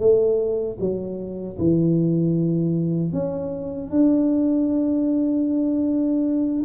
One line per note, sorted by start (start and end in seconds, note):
0.00 0.78 A3
0.80 1.58 F#3
1.59 3.13 E3
3.13 3.91 C#4
3.91 6.64 D4